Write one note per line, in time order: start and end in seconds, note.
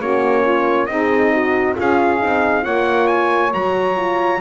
0.00 0.88 A#3
0.00 0.90 C#4
0.00 0.42 F#4
0.00 0.86 C#5
0.42 0.87 F4
0.86 1.77 C4
0.86 1.76 D#4
0.86 1.33 G#4
0.86 1.74 D#5
1.33 1.76 F#4
1.76 2.23 C#4
1.76 2.20 F4
1.76 2.63 G#4
1.76 2.65 F5
2.20 2.66 C4
2.20 2.63 D#4
2.63 3.54 A#3
2.63 3.51 F4
2.63 4.40 C#5
2.63 3.08 F#5
3.08 3.52 G#5
3.52 4.41 F#3
3.52 3.96 F#4
3.52 4.41 A#5
3.97 4.41 F4